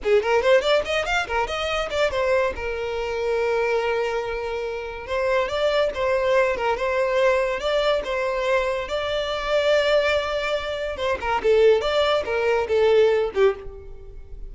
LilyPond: \new Staff \with { instrumentName = "violin" } { \time 4/4 \tempo 4 = 142 gis'8 ais'8 c''8 d''8 dis''8 f''8 ais'8 dis''8~ | dis''8 d''8 c''4 ais'2~ | ais'1 | c''4 d''4 c''4. ais'8 |
c''2 d''4 c''4~ | c''4 d''2.~ | d''2 c''8 ais'8 a'4 | d''4 ais'4 a'4. g'8 | }